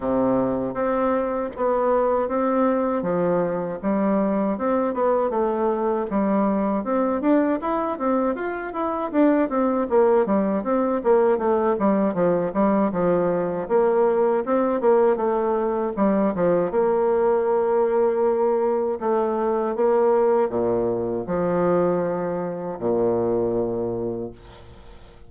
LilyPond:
\new Staff \with { instrumentName = "bassoon" } { \time 4/4 \tempo 4 = 79 c4 c'4 b4 c'4 | f4 g4 c'8 b8 a4 | g4 c'8 d'8 e'8 c'8 f'8 e'8 | d'8 c'8 ais8 g8 c'8 ais8 a8 g8 |
f8 g8 f4 ais4 c'8 ais8 | a4 g8 f8 ais2~ | ais4 a4 ais4 ais,4 | f2 ais,2 | }